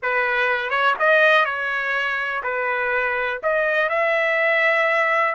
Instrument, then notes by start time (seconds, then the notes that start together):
trumpet
0.02 B4
0.70 C#5
0.99 D#5
1.45 C#5
2.43 B4
3.42 D#5
3.89 E5